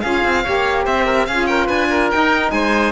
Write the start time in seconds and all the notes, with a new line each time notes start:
0.00 C#4 F4 G#4 F5
0.24 C4
0.43 A#3 G4 C#5
0.84 C4 C5 E5
1.05 A#4
1.26 C#4 F4 G#4 F5
1.46 A#4 G5
1.66 D4 B4 G#5
1.90 A#4
2.10 D#4 G5
2.50 G#3 C5 G#5